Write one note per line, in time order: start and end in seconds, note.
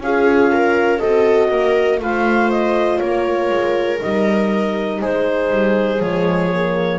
0.00 1.00 C#4
0.00 1.01 F4
0.00 0.53 G#4
0.00 0.99 F5
0.53 1.00 A#4
0.99 1.51 C4
0.99 2.01 F#4
0.99 1.50 A4
0.99 1.99 D#5
1.51 2.00 A#3
1.51 2.01 A#4
2.00 3.00 A3
2.00 3.99 F4
2.00 3.00 C5
2.00 2.51 F5
2.51 2.99 D#5
2.99 3.50 A#3
2.99 5.00 A#4
2.99 3.99 C#5
3.50 4.00 G#3
3.99 5.02 G3
3.99 5.99 D#4
3.99 5.02 D#5
5.01 5.51 G#3
5.01 6.99 G#4
5.01 6.02 C5
5.51 6.00 G3
6.00 6.99 F3
6.00 6.51 G#3
6.00 6.99 C#5
6.52 6.99 A#3